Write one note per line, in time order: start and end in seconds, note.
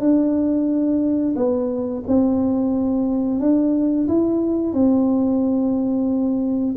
0.00 1.35 D4
1.36 2.03 B3
2.07 3.40 C4
3.40 4.08 D4
4.08 4.73 E4
4.73 6.75 C4